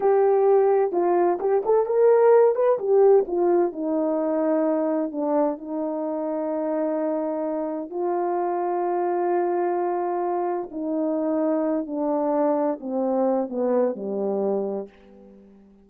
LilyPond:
\new Staff \with { instrumentName = "horn" } { \time 4/4 \tempo 4 = 129 g'2 f'4 g'8 a'8 | ais'4. b'8 g'4 f'4 | dis'2. d'4 | dis'1~ |
dis'4 f'2.~ | f'2. dis'4~ | dis'4. d'2 c'8~ | c'4 b4 g2 | }